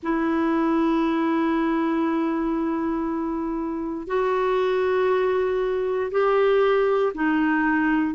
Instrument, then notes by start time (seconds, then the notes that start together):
clarinet
0.02 E4
4.07 F#4
6.11 G4
7.14 D#4